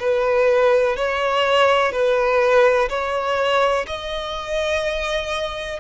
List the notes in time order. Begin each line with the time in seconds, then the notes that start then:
0.00 B4
0.97 C#5
1.93 B4
2.90 C#5
3.88 D#5